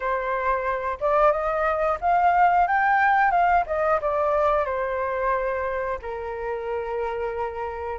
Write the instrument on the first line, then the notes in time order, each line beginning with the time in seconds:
flute
0.00 C5
1.00 D5
1.32 D#5
2.01 F5
2.67 G5
3.31 F5
3.66 D#5
4.01 D5
4.65 C5
6.02 A#4